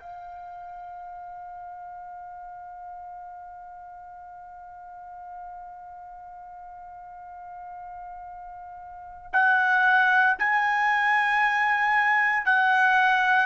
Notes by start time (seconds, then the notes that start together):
0.00 F5
9.33 F#5
10.39 G#5
12.46 F#5